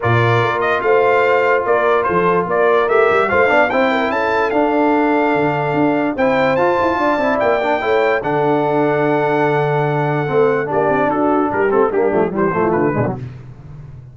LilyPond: <<
  \new Staff \with { instrumentName = "trumpet" } { \time 4/4 \tempo 4 = 146 d''4. dis''8 f''2 | d''4 c''4 d''4 e''4 | f''4 g''4 a''4 f''4~ | f''2. g''4 |
a''2 g''2 | fis''1~ | fis''2 d''4 a'4 | ais'8 a'8 g'4 c''4 b'4 | }
  \new Staff \with { instrumentName = "horn" } { \time 4/4 ais'2 c''2 | ais'4 a'4 ais'2 | c''8 d''8 c''8 ais'8 a'2~ | a'2. c''4~ |
c''4 d''2 cis''4 | a'1~ | a'2 g'4 fis'4 | g'4 d'4 g'8 f'4 d'8 | }
  \new Staff \with { instrumentName = "trombone" } { \time 4/4 f'1~ | f'2. g'4 | f'8 d'8 e'2 d'4~ | d'2. e'4 |
f'4. e'4 d'8 e'4 | d'1~ | d'4 c'4 d'2~ | d'8 c'8 ais8 a8 g8 a4 gis16 fis16 | }
  \new Staff \with { instrumentName = "tuba" } { \time 4/4 ais,4 ais4 a2 | ais4 f4 ais4 a8 g8 | a8 b8 c'4 cis'4 d'4~ | d'4 d4 d'4 c'4 |
f'8 e'8 d'8 c'8 ais4 a4 | d1~ | d4 a4 ais8 c'8 d'4 | g8 a8 g8 f8 e8 f16 e16 d8 b,8 | }
>>